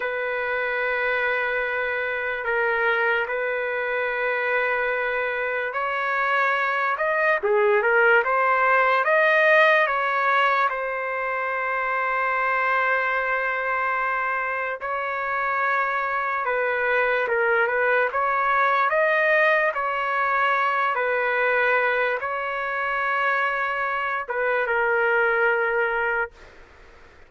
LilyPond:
\new Staff \with { instrumentName = "trumpet" } { \time 4/4 \tempo 4 = 73 b'2. ais'4 | b'2. cis''4~ | cis''8 dis''8 gis'8 ais'8 c''4 dis''4 | cis''4 c''2.~ |
c''2 cis''2 | b'4 ais'8 b'8 cis''4 dis''4 | cis''4. b'4. cis''4~ | cis''4. b'8 ais'2 | }